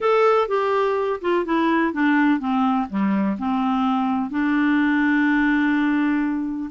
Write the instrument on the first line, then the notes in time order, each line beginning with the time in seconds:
clarinet
0.00 A4
0.48 G4
1.21 F4
1.45 E4
1.93 D4
2.39 C4
2.89 G3
3.38 C4
4.30 D4